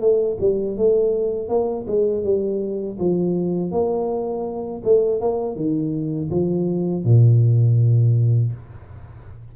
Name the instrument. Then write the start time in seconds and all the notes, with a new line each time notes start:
tuba
0.00 A3
0.40 G3
0.77 A3
1.48 A#3
1.87 G#3
2.24 G3
2.99 F3
3.71 A#3
4.84 A3
5.20 A#3
5.56 D#3
6.30 F3
7.04 A#2